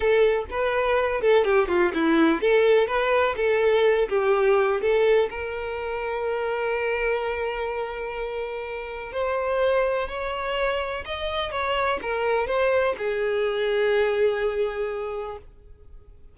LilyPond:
\new Staff \with { instrumentName = "violin" } { \time 4/4 \tempo 4 = 125 a'4 b'4. a'8 g'8 f'8 | e'4 a'4 b'4 a'4~ | a'8 g'4. a'4 ais'4~ | ais'1~ |
ais'2. c''4~ | c''4 cis''2 dis''4 | cis''4 ais'4 c''4 gis'4~ | gis'1 | }